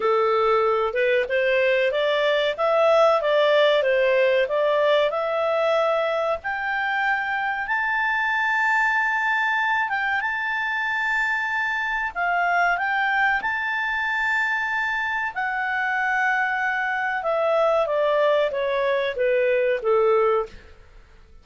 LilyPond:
\new Staff \with { instrumentName = "clarinet" } { \time 4/4 \tempo 4 = 94 a'4. b'8 c''4 d''4 | e''4 d''4 c''4 d''4 | e''2 g''2 | a''2.~ a''8 g''8 |
a''2. f''4 | g''4 a''2. | fis''2. e''4 | d''4 cis''4 b'4 a'4 | }